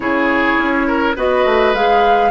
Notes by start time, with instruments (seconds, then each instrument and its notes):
0.00 bassoon C#3, clarinet E4, oboe G#4, flute C#5
0.57 bassoon C#4
0.87 oboe A#4
1.16 bassoon B3, clarinet F#4, oboe B4, flute D#5
1.45 bassoon A3
1.74 bassoon G#3, clarinet G#4, flute F5